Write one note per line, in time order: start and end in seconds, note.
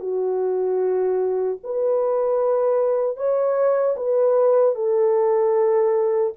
0.00 1.58 F#4
1.63 3.17 B4
3.17 3.95 C#5
3.96 4.75 B4
4.75 6.33 A4